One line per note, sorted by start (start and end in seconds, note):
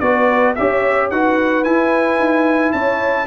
0.00 0.55 B3
0.00 0.56 F#4
0.00 0.58 B4
0.00 0.54 D5
0.55 1.11 C#4
0.55 1.12 G4
0.55 1.12 C#5
0.55 1.09 E5
1.10 1.65 D#4
1.10 1.65 F#4
1.10 2.74 B4
1.10 1.64 F#5
1.64 3.27 E4
1.64 2.19 E4
1.64 2.72 G#5
2.19 2.73 D#4
2.73 3.27 C#4
2.73 3.27 C#5
2.73 3.27 A5